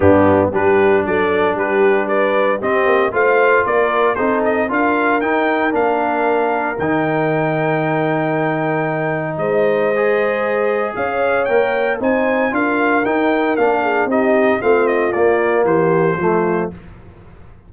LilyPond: <<
  \new Staff \with { instrumentName = "trumpet" } { \time 4/4 \tempo 4 = 115 g'4 b'4 d''4 b'4 | d''4 dis''4 f''4 d''4 | c''8 dis''8 f''4 g''4 f''4~ | f''4 g''2.~ |
g''2 dis''2~ | dis''4 f''4 g''4 gis''4 | f''4 g''4 f''4 dis''4 | f''8 dis''8 d''4 c''2 | }
  \new Staff \with { instrumentName = "horn" } { \time 4/4 d'4 g'4 a'4 g'4 | b'4 g'4 c''4 ais'4 | a'4 ais'2.~ | ais'1~ |
ais'2 c''2~ | c''4 cis''2 c''4 | ais'2~ ais'8 gis'8 g'4 | f'2 g'4 f'4 | }
  \new Staff \with { instrumentName = "trombone" } { \time 4/4 b4 d'2.~ | d'4 c'4 f'2 | dis'4 f'4 dis'4 d'4~ | d'4 dis'2.~ |
dis'2. gis'4~ | gis'2 ais'4 dis'4 | f'4 dis'4 d'4 dis'4 | c'4 ais2 a4 | }
  \new Staff \with { instrumentName = "tuba" } { \time 4/4 g,4 g4 fis4 g4~ | g4 c'8 ais8 a4 ais4 | c'4 d'4 dis'4 ais4~ | ais4 dis2.~ |
dis2 gis2~ | gis4 cis'4 ais4 c'4 | d'4 dis'4 ais4 c'4 | a4 ais4 e4 f4 | }
>>